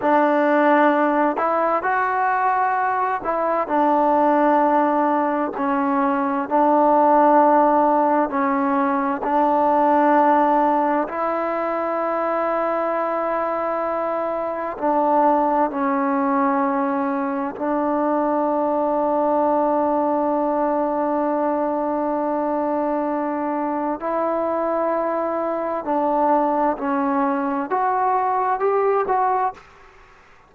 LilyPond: \new Staff \with { instrumentName = "trombone" } { \time 4/4 \tempo 4 = 65 d'4. e'8 fis'4. e'8 | d'2 cis'4 d'4~ | d'4 cis'4 d'2 | e'1 |
d'4 cis'2 d'4~ | d'1~ | d'2 e'2 | d'4 cis'4 fis'4 g'8 fis'8 | }